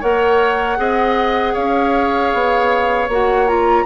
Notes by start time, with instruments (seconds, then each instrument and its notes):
0.00 bassoon A#3, clarinet A#4, oboe C#5, flute F#5
0.77 bassoon C4, clarinet G#4, oboe D#5
1.53 bassoon C#4, oboe C#5, flute F5
2.33 bassoon B3
3.08 bassoon A#3, clarinet F#4, flute F#5
3.47 clarinet F4, flute A#5